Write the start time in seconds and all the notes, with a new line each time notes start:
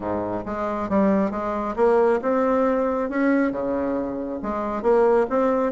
0.00 G#2
0.45 G#3
0.89 G3
1.31 G#3
1.76 A#3
2.22 C4
3.09 C#4
3.51 C#3
4.42 G#3
4.82 A#3
5.29 C4